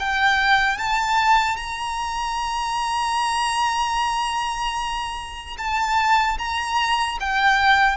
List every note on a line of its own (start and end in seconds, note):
0.00 0.78 G5
0.78 1.57 A5
1.57 5.57 A#5
5.58 6.38 A5
6.39 7.19 A#5
7.20 7.97 G5